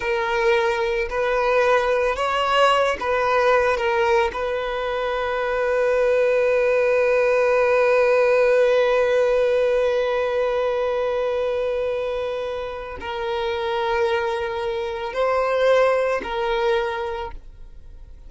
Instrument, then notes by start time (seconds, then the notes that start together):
violin
0.00 A#4
1.09 B4
2.16 C#5
3.00 B4
3.77 A#4
4.33 B4
13.00 A#4
15.13 C5
16.23 A#4